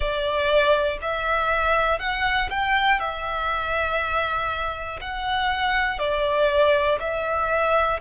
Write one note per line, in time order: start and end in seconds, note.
0.00 0.98 D5
1.01 1.99 E5
1.99 2.49 F#5
2.50 2.99 G5
2.99 4.99 E5
5.00 5.99 F#5
5.99 6.99 D5
7.00 8.00 E5